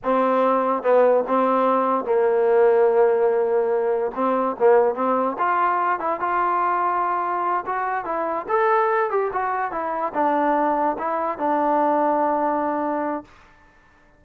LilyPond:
\new Staff \with { instrumentName = "trombone" } { \time 4/4 \tempo 4 = 145 c'2 b4 c'4~ | c'4 ais2.~ | ais2 c'4 ais4 | c'4 f'4. e'8 f'4~ |
f'2~ f'8 fis'4 e'8~ | e'8 a'4. g'8 fis'4 e'8~ | e'8 d'2 e'4 d'8~ | d'1 | }